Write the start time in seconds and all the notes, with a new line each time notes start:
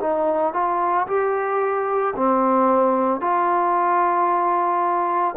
0.00 D#4
0.53 F4
1.07 G4
2.16 C4
3.20 F4